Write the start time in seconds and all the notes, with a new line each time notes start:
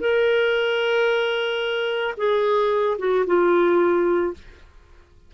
0.00 A#4
2.17 G#4
2.99 F#4
3.26 F4